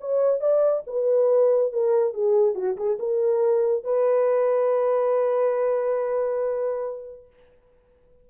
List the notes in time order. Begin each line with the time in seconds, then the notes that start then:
0.00 C#5
0.40 D5
0.86 B4
1.72 A#4
2.13 G#4
2.54 F#4
2.76 G#4
2.99 A#4
3.84 B4